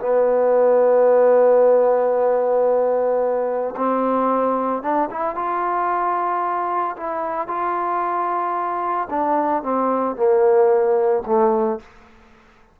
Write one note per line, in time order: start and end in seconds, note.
0.00 3.75 B3
3.76 4.82 C4
4.82 5.09 D4
5.11 5.35 E4
5.35 6.96 F4
6.97 7.48 E4
7.48 9.09 F4
9.10 9.63 D4
9.63 10.16 C4
10.16 11.23 A#3
11.26 11.80 A3